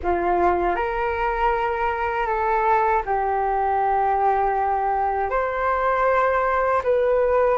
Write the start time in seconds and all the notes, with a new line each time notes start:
0.02 F4
0.75 A#4
2.26 A4
3.06 G4
5.30 C5
6.84 B4